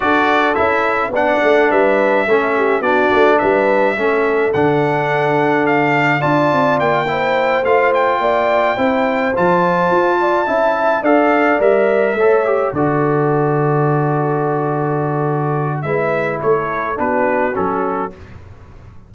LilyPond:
<<
  \new Staff \with { instrumentName = "trumpet" } { \time 4/4 \tempo 4 = 106 d''4 e''4 fis''4 e''4~ | e''4 d''4 e''2 | fis''2 f''4 a''4 | g''4. f''8 g''2~ |
g''8 a''2. f''8~ | f''8 e''2 d''4.~ | d''1 | e''4 cis''4 b'4 a'4 | }
  \new Staff \with { instrumentName = "horn" } { \time 4/4 a'2 d''4 b'4 | a'8 g'8 fis'4 b'4 a'4~ | a'2. d''4~ | d''8 c''2 d''4 c''8~ |
c''2 d''8 e''4 d''8~ | d''4. cis''4 a'4.~ | a'1 | b'4 a'4 fis'2 | }
  \new Staff \with { instrumentName = "trombone" } { \time 4/4 fis'4 e'4 d'2 | cis'4 d'2 cis'4 | d'2. f'4~ | f'8 e'4 f'2 e'8~ |
e'8 f'2 e'4 a'8~ | a'8 ais'4 a'8 g'8 fis'4.~ | fis'1 | e'2 d'4 cis'4 | }
  \new Staff \with { instrumentName = "tuba" } { \time 4/4 d'4 cis'4 b8 a8 g4 | a4 b8 a8 g4 a4 | d2. d'8 c'8 | ais4. a4 ais4 c'8~ |
c'8 f4 f'4 cis'4 d'8~ | d'8 g4 a4 d4.~ | d1 | gis4 a4 b4 fis4 | }
>>